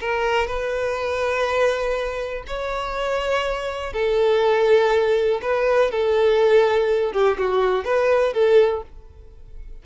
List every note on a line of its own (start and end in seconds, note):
0.00 0.47 A#4
0.47 2.44 B4
2.47 3.93 C#5
3.93 5.41 A4
5.42 5.91 B4
5.91 7.13 A4
7.13 7.37 G4
7.38 7.84 F#4
7.84 8.33 B4
8.33 8.83 A4